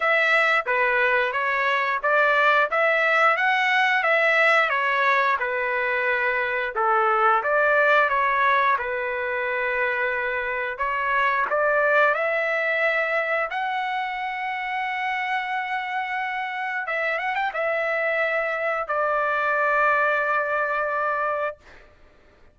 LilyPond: \new Staff \with { instrumentName = "trumpet" } { \time 4/4 \tempo 4 = 89 e''4 b'4 cis''4 d''4 | e''4 fis''4 e''4 cis''4 | b'2 a'4 d''4 | cis''4 b'2. |
cis''4 d''4 e''2 | fis''1~ | fis''4 e''8 fis''16 g''16 e''2 | d''1 | }